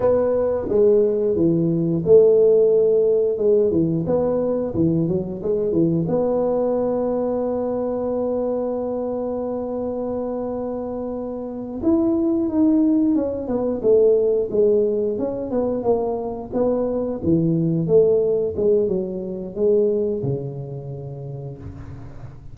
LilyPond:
\new Staff \with { instrumentName = "tuba" } { \time 4/4 \tempo 4 = 89 b4 gis4 e4 a4~ | a4 gis8 e8 b4 e8 fis8 | gis8 e8 b2.~ | b1~ |
b4. e'4 dis'4 cis'8 | b8 a4 gis4 cis'8 b8 ais8~ | ais8 b4 e4 a4 gis8 | fis4 gis4 cis2 | }